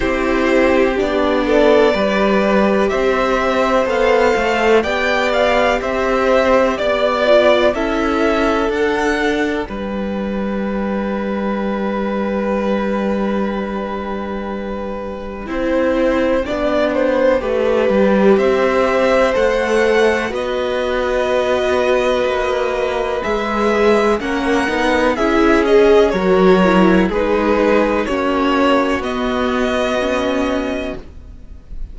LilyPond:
<<
  \new Staff \with { instrumentName = "violin" } { \time 4/4 \tempo 4 = 62 c''4 d''2 e''4 | f''4 g''8 f''8 e''4 d''4 | e''4 fis''4 g''2~ | g''1~ |
g''2. e''4 | fis''4 dis''2. | e''4 fis''4 e''8 dis''8 cis''4 | b'4 cis''4 dis''2 | }
  \new Staff \with { instrumentName = "violin" } { \time 4/4 g'4. a'8 b'4 c''4~ | c''4 d''4 c''4 d''4 | a'2 b'2~ | b'1 |
c''4 d''8 c''8 b'4 c''4~ | c''4 b'2.~ | b'4 ais'4 gis'4 ais'4 | gis'4 fis'2. | }
  \new Staff \with { instrumentName = "viola" } { \time 4/4 e'4 d'4 g'2 | a'4 g'2~ g'8 f'8 | e'4 d'2.~ | d'1 |
e'4 d'4 g'2 | a'4 fis'2. | gis'4 cis'8 dis'8 e'8 gis'8 fis'8 e'8 | dis'4 cis'4 b4 cis'4 | }
  \new Staff \with { instrumentName = "cello" } { \time 4/4 c'4 b4 g4 c'4 | b8 a8 b4 c'4 b4 | cis'4 d'4 g2~ | g1 |
c'4 b4 a8 g8 c'4 | a4 b2 ais4 | gis4 ais8 b8 cis'4 fis4 | gis4 ais4 b2 | }
>>